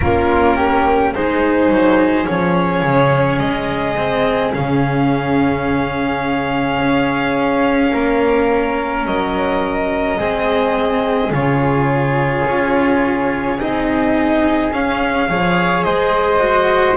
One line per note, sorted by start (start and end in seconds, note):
0.00 1.14 A#3
0.00 1.14 C#4
0.00 0.56 F4
0.00 1.13 A#4
0.56 1.12 G4
1.14 1.69 G#3
1.14 2.25 D#4
1.14 7.92 G#4
1.14 2.26 C5
1.69 2.26 F#3
2.25 2.82 F3
2.25 3.95 C#4
2.25 3.39 C#5
2.82 3.39 C#3
3.39 4.52 G#3
3.39 4.52 D#5
3.96 4.53 C4
4.53 6.79 C#3
4.53 10.19 C#4
4.53 9.05 F5
6.79 7.92 C#4
7.92 9.05 A#3
7.92 10.18 A#4
9.05 10.18 F#3
9.05 11.32 D#5
10.18 11.30 G#3
10.18 11.31 C4
10.18 15.27 G#4
11.30 12.43 C#3
11.30 13.57 F4
11.30 13.59 C#5
12.46 13.60 C#4
13.58 14.72 C4
13.58 14.71 D#4
13.58 14.73 D#5
14.72 15.28 C#4
14.72 15.29 C#4
14.72 15.83 F5
15.28 15.84 F3
15.28 16.39 G#4
15.28 15.84 C#5
15.83 16.97 G#3
15.83 16.97 C5
15.83 16.96 D#5
16.39 16.95 F#4